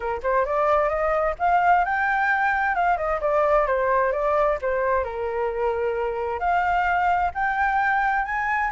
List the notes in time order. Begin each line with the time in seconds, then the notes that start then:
0.00 A#4
0.22 C5
0.45 D5
0.89 D#5
1.38 F5
1.84 G5
2.75 F5
2.97 D#5
3.21 D5
3.66 C5
4.12 D5
4.61 C5
5.04 A#4
6.39 F5
7.34 G5
8.25 G#5